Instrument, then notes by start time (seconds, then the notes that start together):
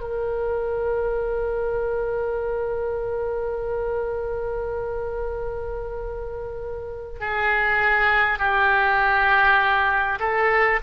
oboe
0.00 A#4
7.19 G#4
8.38 G4
10.19 A4